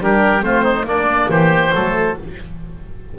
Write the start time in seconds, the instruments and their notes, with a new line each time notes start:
0.00 double bass G3, horn D4, oboe G4 A#4
0.40 double bass A3, horn C4, oboe F4 C5
0.64 oboe D#4
0.84 double bass A#3, horn A#3, oboe D4 D5
1.29 double bass E3, oboe G4 C5
1.74 double bass F#3, horn A3, oboe A4